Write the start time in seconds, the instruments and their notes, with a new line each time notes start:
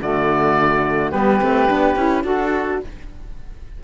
0.00 cello D3, saxophone A3, flute F#4, oboe D5
1.11 cello G3, saxophone B3, flute G4, oboe B4
1.41 cello A3, saxophone C4
1.68 cello B3, saxophone D4
1.96 cello C#4, saxophone E4
2.24 cello D4, saxophone F#4, flute F#4, oboe A4